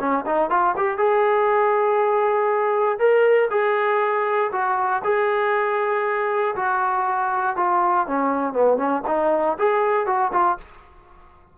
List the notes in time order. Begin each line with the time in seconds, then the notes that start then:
0.00 C#4
0.26 D#4
0.50 F4
0.77 G4
0.98 G#4
2.99 A#4
3.51 G#4
4.52 F#4
5.04 G#4
6.56 F#4
7.57 F4
8.08 C#4
8.53 B3
8.78 C#4
9.08 D#4
9.59 G#4
10.07 F#4
10.33 F4